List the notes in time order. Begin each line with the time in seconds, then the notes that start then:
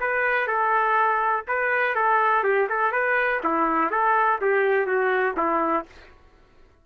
0.00 B4
0.47 A4
1.48 B4
1.95 A4
2.44 G4
2.69 A4
2.92 B4
3.44 E4
3.91 A4
4.41 G4
4.87 F#4
5.37 E4